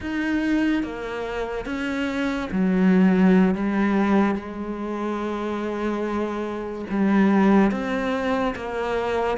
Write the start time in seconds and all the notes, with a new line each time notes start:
0.00 D#4
0.83 A#3
1.65 C#4
2.51 F#3
3.55 G3
4.35 G#3
6.89 G3
7.71 C4
8.55 A#3